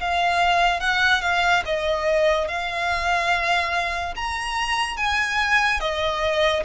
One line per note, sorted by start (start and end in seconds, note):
0.00 0.80 F5
0.80 1.21 F#5
1.21 1.62 F5
1.65 2.48 D#5
2.48 4.14 F5
4.16 4.97 A#5
4.97 5.80 G#5
5.80 6.63 D#5